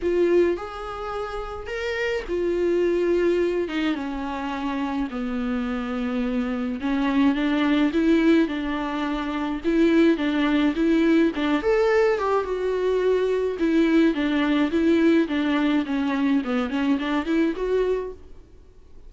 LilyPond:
\new Staff \with { instrumentName = "viola" } { \time 4/4 \tempo 4 = 106 f'4 gis'2 ais'4 | f'2~ f'8 dis'8 cis'4~ | cis'4 b2. | cis'4 d'4 e'4 d'4~ |
d'4 e'4 d'4 e'4 | d'8 a'4 g'8 fis'2 | e'4 d'4 e'4 d'4 | cis'4 b8 cis'8 d'8 e'8 fis'4 | }